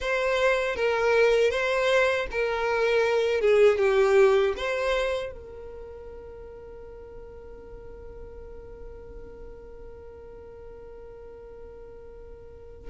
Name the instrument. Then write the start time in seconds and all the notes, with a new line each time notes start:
violin
0.00 C5
0.75 A#4
1.50 C5
2.31 A#4
3.40 G#4
3.78 G4
4.56 C5
5.32 A#4